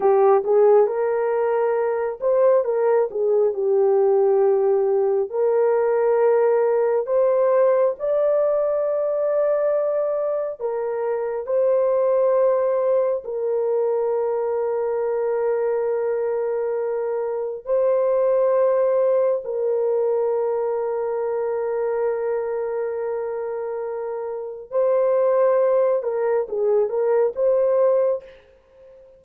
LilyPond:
\new Staff \with { instrumentName = "horn" } { \time 4/4 \tempo 4 = 68 g'8 gis'8 ais'4. c''8 ais'8 gis'8 | g'2 ais'2 | c''4 d''2. | ais'4 c''2 ais'4~ |
ais'1 | c''2 ais'2~ | ais'1 | c''4. ais'8 gis'8 ais'8 c''4 | }